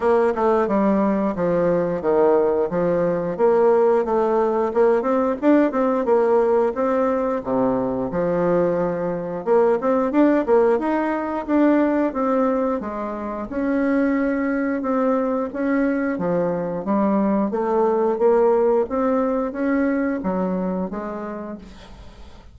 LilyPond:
\new Staff \with { instrumentName = "bassoon" } { \time 4/4 \tempo 4 = 89 ais8 a8 g4 f4 dis4 | f4 ais4 a4 ais8 c'8 | d'8 c'8 ais4 c'4 c4 | f2 ais8 c'8 d'8 ais8 |
dis'4 d'4 c'4 gis4 | cis'2 c'4 cis'4 | f4 g4 a4 ais4 | c'4 cis'4 fis4 gis4 | }